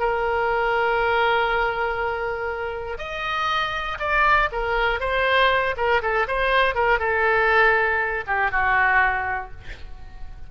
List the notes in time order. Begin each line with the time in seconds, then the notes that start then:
0.00 A#4
2.98 D#5
4.00 D5
4.52 A#4
5.00 C5
5.77 A#4
6.02 A4
6.28 C5
6.75 A#4
7.00 A4
8.27 G4
8.51 F#4